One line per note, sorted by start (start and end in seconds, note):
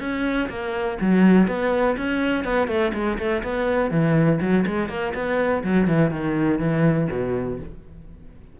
0.00 0.49 C#4
0.49 0.98 A#3
1.01 1.48 F#3
1.48 1.96 B3
1.97 2.45 C#4
2.45 2.67 B3
2.67 2.92 A3
2.94 3.18 G#3
3.18 3.43 A3
3.43 3.91 B3
3.91 4.39 E3
4.41 4.65 F#3
4.66 4.89 G#3
4.89 5.13 A#3
5.14 5.63 B3
5.64 5.88 F#3
5.88 6.11 E3
6.11 6.59 D#3
6.59 7.08 E3
7.11 7.60 B2